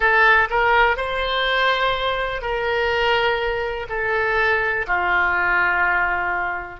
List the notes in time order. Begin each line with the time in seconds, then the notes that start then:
0.00 A4
0.50 A#4
0.96 C5
2.41 A#4
3.89 A4
4.87 F4